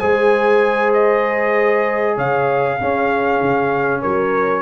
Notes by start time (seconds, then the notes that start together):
0.00 G#3 G#4 C5 G#5
0.94 D#5
2.16 C#3 C#5 F5
2.81 C#4 G#4
3.42 C#3
4.02 F#3 A#4 C#5